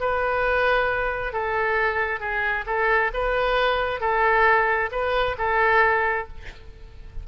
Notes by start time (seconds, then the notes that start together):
0.00 B4
1.33 A4
2.20 G#4
2.66 A4
3.14 B4
4.00 A4
4.92 B4
5.38 A4